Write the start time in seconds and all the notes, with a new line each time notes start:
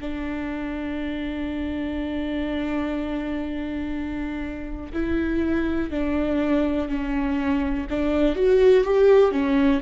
0.00 D4
4.93 E4
5.90 D4
6.89 C#4
7.90 D4
8.35 F#4
8.84 G4
9.31 C#4